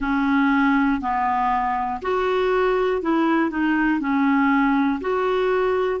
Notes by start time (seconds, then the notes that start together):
0.00 C#4
1.00 B3
2.02 F#4
3.02 E4
3.50 D#4
4.00 C#4
5.00 F#4